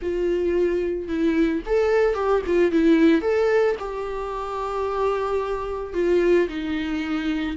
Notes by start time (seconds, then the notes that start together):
0.01 F4
1.08 E4
1.66 A4
2.14 G4
2.46 F4
2.71 E4
3.21 A4
3.79 G4
5.93 F4
6.48 D#4